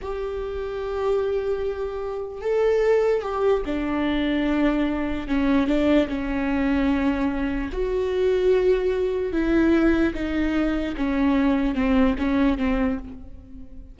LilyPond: \new Staff \with { instrumentName = "viola" } { \time 4/4 \tempo 4 = 148 g'1~ | g'2 a'2 | g'4 d'2.~ | d'4 cis'4 d'4 cis'4~ |
cis'2. fis'4~ | fis'2. e'4~ | e'4 dis'2 cis'4~ | cis'4 c'4 cis'4 c'4 | }